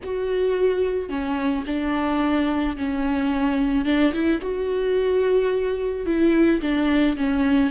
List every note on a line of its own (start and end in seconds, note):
0.03 1.09 F#4
1.09 1.64 C#4
1.66 2.76 D4
2.76 3.85 C#4
3.85 4.13 D4
4.13 4.40 E4
4.41 6.06 F#4
6.06 6.61 E4
6.61 7.16 D4
7.16 7.70 C#4